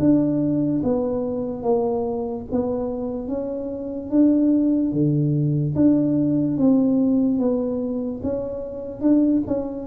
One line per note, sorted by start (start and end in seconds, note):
0.00 0.82 D4
0.84 1.63 B3
1.63 2.45 A#3
2.52 3.28 B3
3.28 4.11 C#4
4.11 4.93 D4
4.93 5.75 D3
5.76 6.58 D4
6.58 7.39 C4
7.39 8.22 B3
8.23 9.01 C#4
9.01 9.43 D4
9.47 9.87 C#4